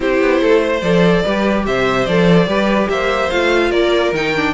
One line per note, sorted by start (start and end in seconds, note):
0.00 0.20 C4
0.00 0.80 E4
0.00 0.41 G4
0.00 0.81 C5
0.20 0.41 B3
0.41 0.82 A3
0.41 0.61 A4
0.61 1.23 C5
0.81 1.23 F3
0.81 1.25 A4
0.81 1.64 D5
1.24 1.67 G3
1.24 2.07 G4
1.24 1.65 B4
1.66 2.07 C3
1.66 2.47 C5
1.66 2.06 E5
2.06 2.47 F3
2.06 2.47 A4
2.06 2.89 D5
2.47 2.88 G3
2.47 3.30 G4
2.47 2.89 B4
2.89 3.30 A#3
2.89 3.70 C5
2.89 3.30 E5
3.30 3.71 A3
3.30 4.14 F4
3.30 3.71 F5
3.70 4.12 A#3
3.70 4.53 A#4
3.70 4.12 D5
4.12 4.53 D#3
4.12 4.35 D#4
4.12 4.54 G5
4.35 4.54 D4